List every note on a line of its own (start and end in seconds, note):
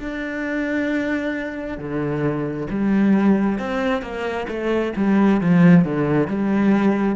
0.00 1.77 D4
1.77 2.67 D3
2.70 3.59 G3
3.59 4.02 C4
4.02 4.47 A#3
4.48 4.93 A3
4.96 5.41 G3
5.41 5.85 F3
5.85 6.28 D3
6.28 7.16 G3